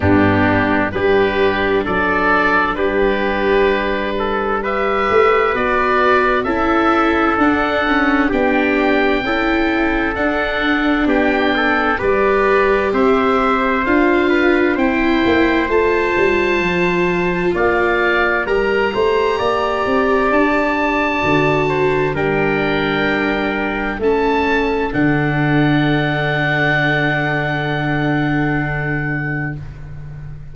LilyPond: <<
  \new Staff \with { instrumentName = "oboe" } { \time 4/4 \tempo 4 = 65 g'4 b'4 d''4 b'4~ | b'4 e''4 d''4 e''4 | fis''4 g''2 fis''4 | g''4 d''4 e''4 f''4 |
g''4 a''2 f''4 | ais''2 a''2 | g''2 a''4 fis''4~ | fis''1 | }
  \new Staff \with { instrumentName = "trumpet" } { \time 4/4 d'4 g'4 a'4 g'4~ | g'8 a'8 b'2 a'4~ | a'4 g'4 a'2 | g'8 a'8 b'4 c''4. b'8 |
c''2. d''4 | ais'8 c''8 d''2~ d''8 c''8 | ais'2 a'2~ | a'1 | }
  \new Staff \with { instrumentName = "viola" } { \time 4/4 b4 d'2.~ | d'4 g'4 fis'4 e'4 | d'8 cis'8 d'4 e'4 d'4~ | d'4 g'2 f'4 |
e'4 f'2. | g'2. fis'4 | d'2 cis'4 d'4~ | d'1 | }
  \new Staff \with { instrumentName = "tuba" } { \time 4/4 g,4 g4 fis4 g4~ | g4. a8 b4 cis'4 | d'4 b4 cis'4 d'4 | b4 g4 c'4 d'4 |
c'8 ais8 a8 g8 f4 ais4 | g8 a8 ais8 c'8 d'4 d4 | g2 a4 d4~ | d1 | }
>>